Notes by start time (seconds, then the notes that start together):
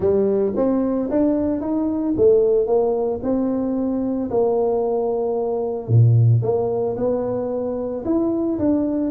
0.00 G3
0.56 C4
1.10 D4
1.60 D#4
2.16 A3
2.66 A#3
3.22 C4
4.30 A#3
5.88 A#2
6.42 A#3
6.96 B3
8.04 E4
8.58 D4